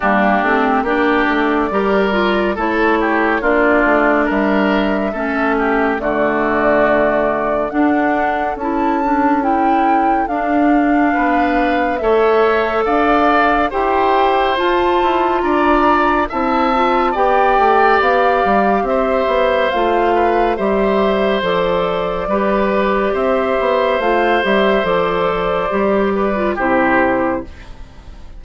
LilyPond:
<<
  \new Staff \with { instrumentName = "flute" } { \time 4/4 \tempo 4 = 70 g'4 d''2 cis''4 | d''4 e''2 d''4~ | d''4 fis''4 a''4 g''4 | f''2 e''4 f''4 |
g''4 a''4 ais''4 a''4 | g''4 f''4 e''4 f''4 | e''4 d''2 e''4 | f''8 e''8 d''2 c''4 | }
  \new Staff \with { instrumentName = "oboe" } { \time 4/4 d'4 g'4 ais'4 a'8 g'8 | f'4 ais'4 a'8 g'8 fis'4~ | fis'4 a'2.~ | a'4 b'4 cis''4 d''4 |
c''2 d''4 e''4 | d''2 c''4. b'8 | c''2 b'4 c''4~ | c''2~ c''8 b'8 g'4 | }
  \new Staff \with { instrumentName = "clarinet" } { \time 4/4 ais8 c'8 d'4 g'8 f'8 e'4 | d'2 cis'4 a4~ | a4 d'4 e'8 d'8 e'4 | d'2 a'2 |
g'4 f'2 e'8 f'8 | g'2. f'4 | g'4 a'4 g'2 | f'8 g'8 a'4 g'8. f'16 e'4 | }
  \new Staff \with { instrumentName = "bassoon" } { \time 4/4 g8 a8 ais8 a8 g4 a4 | ais8 a8 g4 a4 d4~ | d4 d'4 cis'2 | d'4 b4 a4 d'4 |
e'4 f'8 e'8 d'4 c'4 | b8 a8 b8 g8 c'8 b8 a4 | g4 f4 g4 c'8 b8 | a8 g8 f4 g4 c4 | }
>>